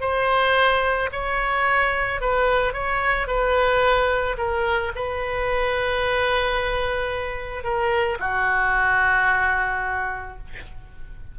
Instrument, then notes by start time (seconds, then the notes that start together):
oboe
0.00 C5
1.12 C#5
2.21 B4
2.73 C#5
3.27 B4
4.37 A#4
4.95 B4
7.63 A#4
8.19 F#4